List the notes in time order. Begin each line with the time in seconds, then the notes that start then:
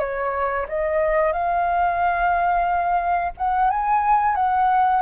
0.00 C#5
0.68 D#5
1.33 F5
3.38 F#5
3.71 G#5
4.36 F#5